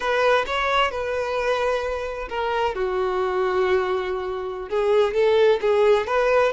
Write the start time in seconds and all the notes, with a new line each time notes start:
0.00 B4
0.46 C#5
0.91 B4
2.29 A#4
2.74 F#4
4.69 G#4
5.14 A4
5.61 G#4
6.06 B4